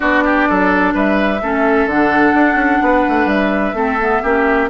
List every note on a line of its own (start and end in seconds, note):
0.00 0.47 B3
0.00 1.37 D4
0.00 0.23 F#4
0.00 0.94 D5
0.25 0.48 G4
0.49 0.94 F#3
0.49 0.94 A4
0.94 1.41 G3
0.94 1.41 B4
0.94 1.88 E5
1.41 1.85 A3
1.41 1.90 C#4
1.41 2.83 A4
1.85 2.32 D3
1.85 3.74 D4
1.85 3.28 F#5
2.34 2.54 D4
2.54 2.78 C#4
2.82 3.05 B3
2.82 3.75 B4
3.08 3.25 A3
3.25 3.72 G3
3.25 4.69 E5
3.73 4.20 A3
3.73 3.98 C4
3.73 4.22 A4
4.00 4.23 B3
4.22 4.70 A#3
4.22 4.70 C#4
4.22 4.69 G4